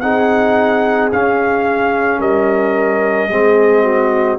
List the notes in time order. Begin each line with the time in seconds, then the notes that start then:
0.00 C4 D#4 G#4 F#5
1.12 C#4 F5
2.18 G3 A#4 D#5
3.29 G#3 C4 G#4
3.83 F#4